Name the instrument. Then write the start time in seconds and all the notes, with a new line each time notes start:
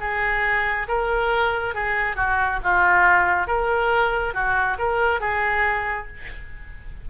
oboe
0.00 G#4
0.87 A#4
1.74 G#4
2.16 F#4
2.63 F4
3.47 A#4
4.34 F#4
4.78 A#4
5.20 G#4